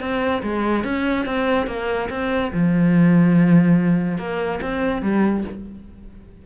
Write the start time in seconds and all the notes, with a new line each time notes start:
0.00 C4
0.42 G#3
0.84 C#4
1.26 C4
1.67 A#3
2.10 C4
2.53 F3
4.18 A#3
4.62 C4
5.02 G3